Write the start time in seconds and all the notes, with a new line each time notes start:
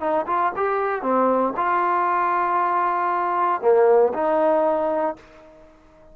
0.00 D#4
0.26 F4
0.56 G4
1.02 C4
1.56 F4
3.61 A#3
4.13 D#4